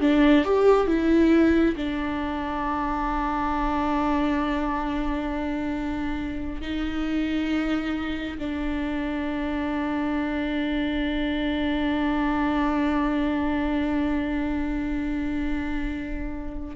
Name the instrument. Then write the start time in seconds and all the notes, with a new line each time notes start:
viola
0.00 D4
0.44 G4
0.87 E4
1.76 D4
6.61 D#4
8.38 D4